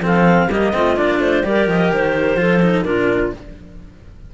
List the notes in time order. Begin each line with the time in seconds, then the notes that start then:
0.00 F3 C4 A4 F5
0.47 G3 A#3 G4 D#5
0.73 A3 C4 F4
0.96 A#3 D4 D5
1.19 A3 C5
1.43 G3 G4 A#4 D5
1.67 F3 D#5
1.92 D#3 C5
2.35 F3 F4 A4
2.62 D#4
2.83 A#2 D4 F4 A#4